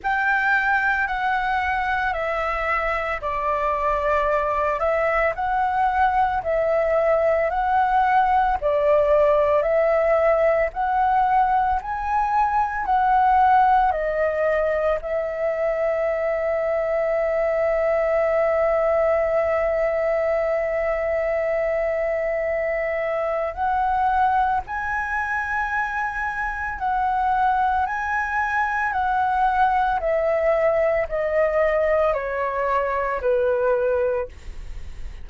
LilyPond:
\new Staff \with { instrumentName = "flute" } { \time 4/4 \tempo 4 = 56 g''4 fis''4 e''4 d''4~ | d''8 e''8 fis''4 e''4 fis''4 | d''4 e''4 fis''4 gis''4 | fis''4 dis''4 e''2~ |
e''1~ | e''2 fis''4 gis''4~ | gis''4 fis''4 gis''4 fis''4 | e''4 dis''4 cis''4 b'4 | }